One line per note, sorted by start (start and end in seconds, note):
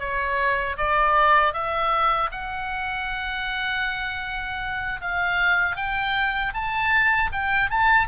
0.00 0.77 C#5
0.77 1.53 D5
1.53 2.30 E5
2.31 5.01 F#5
5.01 5.76 F5
5.76 6.53 G5
6.54 7.31 A5
7.32 7.70 G5
7.70 8.08 A5